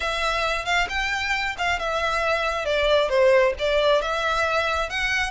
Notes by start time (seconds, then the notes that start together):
0.00 E5
0.65 F5
0.89 G5
1.57 F5
1.79 E5
2.65 D5
3.09 C5
3.58 D5
4.01 E5
4.89 F#5